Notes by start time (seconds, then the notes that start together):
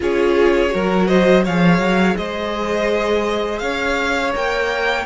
0.00 C#4 F4 G#4 C#5
0.69 F#3 F#4 A#4
1.07 C5 D#5
1.43 F3 G#4 C#5 F5
1.78 F#3
2.16 G#3 C5 D#5
3.59 C#4 C#5 F5
4.33 A#3 A#4 G5